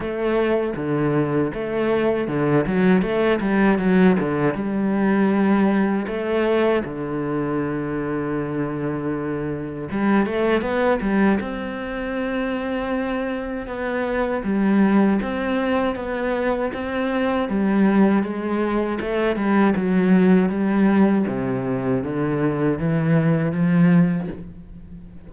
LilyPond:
\new Staff \with { instrumentName = "cello" } { \time 4/4 \tempo 4 = 79 a4 d4 a4 d8 fis8 | a8 g8 fis8 d8 g2 | a4 d2.~ | d4 g8 a8 b8 g8 c'4~ |
c'2 b4 g4 | c'4 b4 c'4 g4 | gis4 a8 g8 fis4 g4 | c4 d4 e4 f4 | }